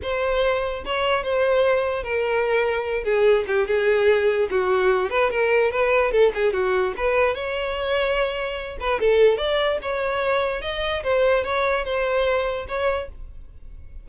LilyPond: \new Staff \with { instrumentName = "violin" } { \time 4/4 \tempo 4 = 147 c''2 cis''4 c''4~ | c''4 ais'2~ ais'8 gis'8~ | gis'8 g'8 gis'2 fis'4~ | fis'8 b'8 ais'4 b'4 a'8 gis'8 |
fis'4 b'4 cis''2~ | cis''4. b'8 a'4 d''4 | cis''2 dis''4 c''4 | cis''4 c''2 cis''4 | }